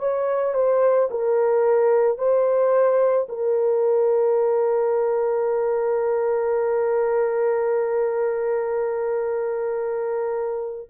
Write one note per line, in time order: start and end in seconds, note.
0.00 0.55 C#5
0.55 1.09 C5
1.11 2.19 A#4
2.19 3.28 C5
3.29 10.90 A#4